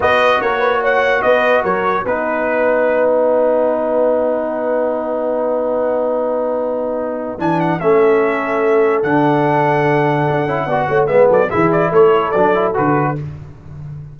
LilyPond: <<
  \new Staff \with { instrumentName = "trumpet" } { \time 4/4 \tempo 4 = 146 dis''4 cis''4 fis''4 dis''4 | cis''4 b'2~ b'8 fis''8~ | fis''1~ | fis''1~ |
fis''2 gis''8 fis''8 e''4~ | e''2 fis''2~ | fis''2. e''8 d''8 | e''8 d''8 cis''4 d''4 b'4 | }
  \new Staff \with { instrumentName = "horn" } { \time 4/4 b'4 ais'8 b'8 cis''4 b'4 | ais'4 b'2.~ | b'1~ | b'1~ |
b'2. a'4~ | a'1~ | a'2 d''8 cis''8 b'8 a'8 | gis'4 a'2. | }
  \new Staff \with { instrumentName = "trombone" } { \time 4/4 fis'1~ | fis'4 dis'2.~ | dis'1~ | dis'1~ |
dis'2 d'4 cis'4~ | cis'2 d'2~ | d'4. e'8 fis'4 b4 | e'2 d'8 e'8 fis'4 | }
  \new Staff \with { instrumentName = "tuba" } { \time 4/4 b4 ais2 b4 | fis4 b2.~ | b1~ | b1~ |
b2 e4 a4~ | a2 d2~ | d4 d'8 cis'8 b8 a8 gis8 fis8 | e4 a4 fis4 d4 | }
>>